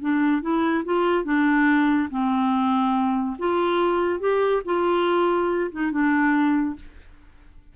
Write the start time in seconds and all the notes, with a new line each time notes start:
0.00 D4
0.41 E4
0.84 F4
1.24 D4
2.10 C4
3.38 F4
4.19 G4
4.65 F4
5.71 D#4
5.91 D4